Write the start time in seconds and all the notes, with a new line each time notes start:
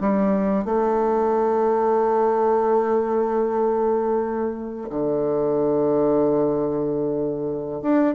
0.00 G3
0.65 A3
4.89 D3
7.82 D4